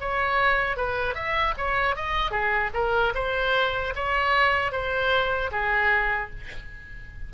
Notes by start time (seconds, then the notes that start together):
0.00 C#5
0.76 B4
1.14 E5
1.57 C#5
1.96 D#5
2.31 G#4
2.74 A#4
3.14 C5
3.95 C#5
4.72 C5
5.51 G#4